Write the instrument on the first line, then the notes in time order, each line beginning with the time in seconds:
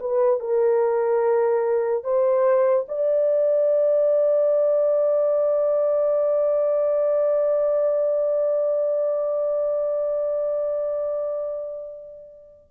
horn
0.00 B4
0.40 A#4
2.04 C5
2.88 D5